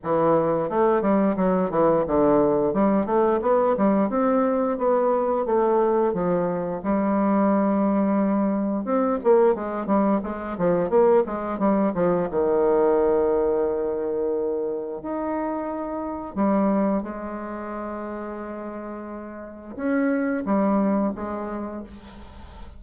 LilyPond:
\new Staff \with { instrumentName = "bassoon" } { \time 4/4 \tempo 4 = 88 e4 a8 g8 fis8 e8 d4 | g8 a8 b8 g8 c'4 b4 | a4 f4 g2~ | g4 c'8 ais8 gis8 g8 gis8 f8 |
ais8 gis8 g8 f8 dis2~ | dis2 dis'2 | g4 gis2.~ | gis4 cis'4 g4 gis4 | }